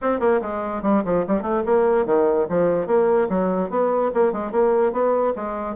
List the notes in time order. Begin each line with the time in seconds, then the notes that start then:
0.01 C4
0.20 A#3
0.41 G#3
0.82 G3
1.04 F3
1.27 G3
1.42 A3
1.65 A#3
2.05 D#3
2.49 F3
2.87 A#3
3.29 F#3
3.70 B3
4.14 A#3
4.32 G#3
4.51 A#3
4.92 B3
5.35 G#3